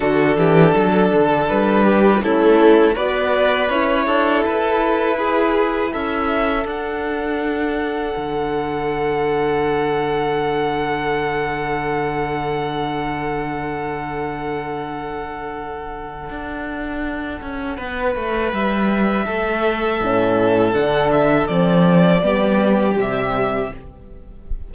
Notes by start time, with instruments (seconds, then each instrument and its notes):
0.00 cello D3, horn D4, violin F#4 A4
0.36 cello E3, violin G4
0.75 cello F#3, violin A4
1.13 cello D3
1.48 cello G3, violin B4
1.84 violin G4
2.21 cello A3, horn C#4, violin E4 A4
2.94 cello B3, horn F#4, violin B4 D5
3.69 cello C#4, horn E4, violin C#5
4.06 cello D4, violin A4
4.43 cello E4, violin B4
5.17 violin G#4
5.92 cello C#4, violin A4 E5
6.65 cello D4, horn D4, violin F#5
8.16 cello D3
16.29 cello D4
17.41 cello C#4
17.77 cello B3, violin B4
18.15 cello A3
18.52 cello G3, violin E5
19.25 cello A3, violin A4
20.00 cello A2, horn C#4
20.73 cello D3, horn D4, violin F#5
21.12 violin E5
21.47 cello F3, horn C4, violin D5
22.22 cello G3, horn B3, violin G4
22.96 cello C3, horn G3, violin E5